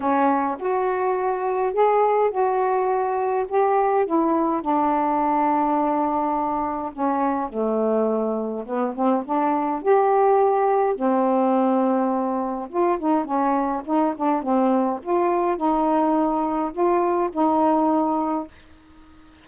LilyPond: \new Staff \with { instrumentName = "saxophone" } { \time 4/4 \tempo 4 = 104 cis'4 fis'2 gis'4 | fis'2 g'4 e'4 | d'1 | cis'4 a2 b8 c'8 |
d'4 g'2 c'4~ | c'2 f'8 dis'8 cis'4 | dis'8 d'8 c'4 f'4 dis'4~ | dis'4 f'4 dis'2 | }